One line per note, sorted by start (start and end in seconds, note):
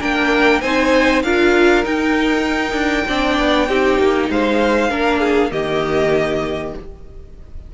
0.00 0.62 A#3
0.00 0.61 D4
0.00 0.61 A#4
0.00 0.60 G5
0.60 1.23 C4
0.60 1.24 D#4
0.60 1.23 C5
0.60 1.22 G#5
1.22 1.84 D4
1.22 1.83 F4
1.22 3.07 A#4
1.22 1.84 F5
1.83 3.06 D#4
1.83 2.73 D#4
1.83 4.30 G5
2.73 3.04 D4
3.07 3.38 C4
3.07 3.68 D4
3.07 3.68 D5
3.38 3.68 B3
3.68 3.98 C4
3.68 4.89 D#4
3.68 4.29 G4
3.98 4.29 A#3
4.29 4.90 G#3
4.29 4.90 C5
4.29 5.52 F5
4.89 5.51 A#3
4.89 5.50 D4
4.89 5.20 A#4
5.20 5.50 G#4
5.50 6.73 D#3
5.50 6.73 A#3
5.50 6.74 G4
5.50 6.74 D#5